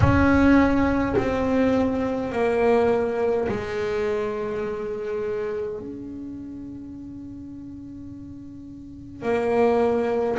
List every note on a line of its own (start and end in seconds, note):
0.00 1.15 C#4
1.17 2.32 C4
2.32 3.47 A#3
3.48 5.78 G#3
5.78 9.22 C#4
9.22 10.37 A#3